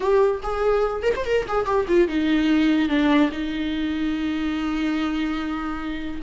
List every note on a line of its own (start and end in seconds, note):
0.00 0.41 G4
0.42 1.02 G#4
1.02 1.13 A#4
1.15 1.25 C5
1.25 1.46 A#4
1.48 1.65 G#4
1.65 1.86 G4
1.87 2.08 F4
2.08 2.88 D#4
2.88 3.30 D4
3.31 6.21 D#4